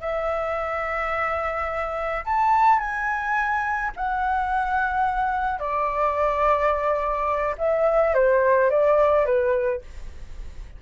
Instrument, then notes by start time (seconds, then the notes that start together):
flute
0.00 E5
2.25 A5
2.79 G#5
3.96 F#5
5.59 D5
7.58 E5
8.14 C5
8.70 D5
9.25 B4